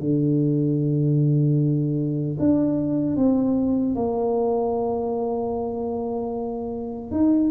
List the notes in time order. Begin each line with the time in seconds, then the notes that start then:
0.00 D3
2.39 D4
3.17 C4
3.95 A#3
7.12 D#4